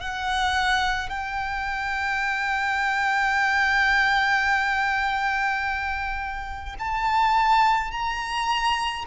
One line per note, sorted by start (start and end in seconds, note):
0.00 1.10 F#5
1.10 6.76 G5
6.79 7.92 A5
7.92 9.05 A#5